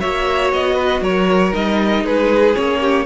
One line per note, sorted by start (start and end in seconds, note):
0.00 0.53 A#3
0.00 1.53 F#4
0.00 0.75 C#5
0.00 0.51 E5
0.53 1.01 B3
0.53 1.03 D#5
0.75 1.00 B4
1.01 1.52 F#3
1.01 2.04 A#4
1.01 1.54 C#5
1.53 2.05 G3
1.53 2.54 D#4
1.53 2.06 D#5
2.04 2.56 G#3
2.04 2.80 G#4
2.04 2.56 B4
2.54 3.06 A#3
2.54 3.05 C#4
2.54 3.06 C#5
2.81 3.06 G4